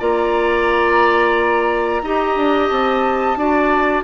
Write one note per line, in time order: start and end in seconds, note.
0.00 2.03 A#3
0.00 2.02 F4
0.00 2.02 D5
0.00 2.69 A#5
2.03 2.36 D#4
2.03 3.38 G4
2.03 3.39 D#5
2.36 2.70 D4
2.69 3.36 C4
2.69 4.04 A5
3.36 4.04 D4
3.36 4.04 F#4
3.36 4.04 D5